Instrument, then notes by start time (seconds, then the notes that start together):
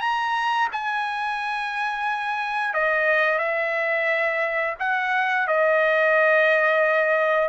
trumpet
0.00 A#5
0.72 G#5
2.74 D#5
3.39 E5
4.79 F#5
5.47 D#5